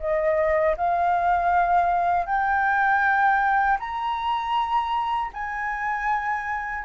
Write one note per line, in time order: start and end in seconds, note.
0.00 0.76 D#5
0.77 2.26 F5
2.26 3.78 G5
3.79 5.31 A#5
5.33 6.85 G#5